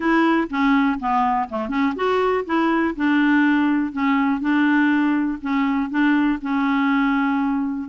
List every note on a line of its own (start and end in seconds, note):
0.00 0.48 E4
0.50 0.99 C#4
0.99 1.48 B3
1.49 1.69 A3
1.69 1.93 C#4
1.95 2.44 F#4
2.45 2.94 E4
2.96 3.92 D4
3.92 4.40 C#4
4.40 5.39 D4
5.41 5.89 C#4
5.89 6.39 D4
6.41 7.89 C#4